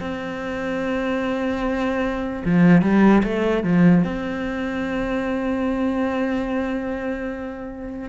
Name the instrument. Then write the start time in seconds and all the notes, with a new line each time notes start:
cello
0.00 C4
2.45 F3
2.82 G3
3.24 A3
3.64 F3
4.05 C4